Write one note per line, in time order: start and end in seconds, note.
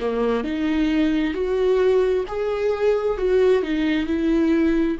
0.00 0.44 A#3
0.44 1.34 D#4
1.34 2.25 F#4
2.28 3.18 G#4
3.18 3.63 F#4
3.63 4.07 D#4
4.07 4.98 E4